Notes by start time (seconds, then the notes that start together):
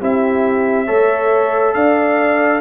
0.00 C4 E4 G4 E5
0.86 A3 A4 C#5
1.74 D4 D5 F5